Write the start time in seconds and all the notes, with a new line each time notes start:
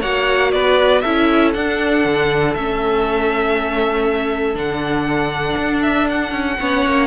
0.00 A#3 F#4 C#5 F#5
0.52 B3 B4 D5
1.01 C#4 E4 A4 E5
1.54 D4 F#5
2.05 D3
2.54 A3 C#4 E5
4.54 D3 D4 F#5
5.57 D4
5.82 E5
6.09 F#5
6.31 C#4
6.59 B3 C#4 C#5
6.86 A#3